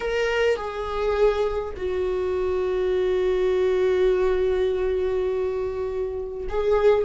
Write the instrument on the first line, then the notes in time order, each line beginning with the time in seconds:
viola
0.00 A#4
0.56 G#4
1.76 F#4
6.49 G#4